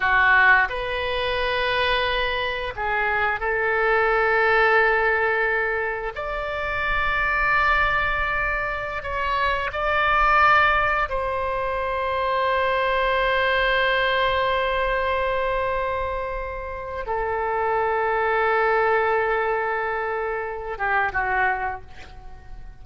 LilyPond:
\new Staff \with { instrumentName = "oboe" } { \time 4/4 \tempo 4 = 88 fis'4 b'2. | gis'4 a'2.~ | a'4 d''2.~ | d''4~ d''16 cis''4 d''4.~ d''16~ |
d''16 c''2.~ c''8.~ | c''1~ | c''4 a'2.~ | a'2~ a'8 g'8 fis'4 | }